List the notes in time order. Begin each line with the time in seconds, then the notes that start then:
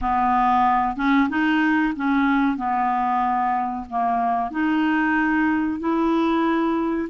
0.01 B3
0.96 C#4
1.29 D#4
1.95 C#4
2.56 B3
3.89 A#3
4.50 D#4
5.79 E4